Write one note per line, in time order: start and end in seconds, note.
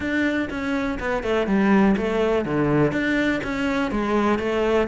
0.00 0.49 D4
0.50 0.98 C#4
0.99 1.23 B3
1.23 1.46 A3
1.46 1.95 G3
1.96 2.45 A3
2.45 2.92 D3
2.92 3.40 D4
3.43 3.91 C#4
3.91 4.38 G#3
4.38 4.87 A3